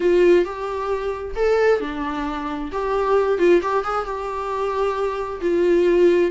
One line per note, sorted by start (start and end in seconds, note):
0.00 0.44 F4
0.44 1.35 G4
1.35 1.80 A4
1.80 2.70 D4
2.71 3.38 G4
3.38 3.61 F4
3.62 3.84 G4
3.84 4.05 G#4
4.05 5.40 G4
5.41 6.31 F4